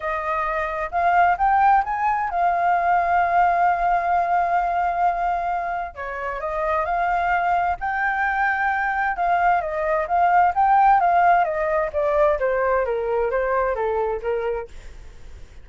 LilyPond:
\new Staff \with { instrumentName = "flute" } { \time 4/4 \tempo 4 = 131 dis''2 f''4 g''4 | gis''4 f''2.~ | f''1~ | f''4 cis''4 dis''4 f''4~ |
f''4 g''2. | f''4 dis''4 f''4 g''4 | f''4 dis''4 d''4 c''4 | ais'4 c''4 a'4 ais'4 | }